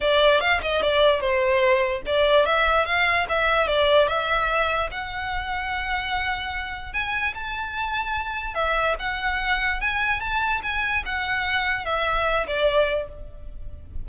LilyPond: \new Staff \with { instrumentName = "violin" } { \time 4/4 \tempo 4 = 147 d''4 f''8 dis''8 d''4 c''4~ | c''4 d''4 e''4 f''4 | e''4 d''4 e''2 | fis''1~ |
fis''4 gis''4 a''2~ | a''4 e''4 fis''2 | gis''4 a''4 gis''4 fis''4~ | fis''4 e''4. d''4. | }